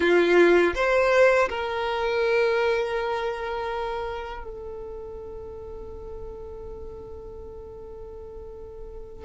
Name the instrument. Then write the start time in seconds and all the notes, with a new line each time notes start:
violin
0.00 F4
0.74 C5
1.49 A#4
4.43 A4